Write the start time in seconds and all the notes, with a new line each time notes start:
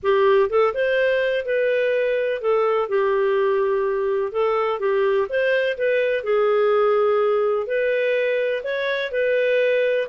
0.02 G4
0.49 A4
0.73 C5
1.45 B4
2.41 A4
2.88 G4
4.32 A4
4.79 G4
5.29 C5
5.77 B4
6.23 G#4
7.66 B4
8.63 C#5
9.11 B4